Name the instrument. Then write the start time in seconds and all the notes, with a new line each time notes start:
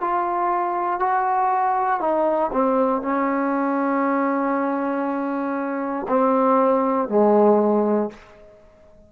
trombone
0.00 F4
0.99 F#4
2.00 D#4
2.52 C4
3.01 C#4
6.08 C4
7.08 G#3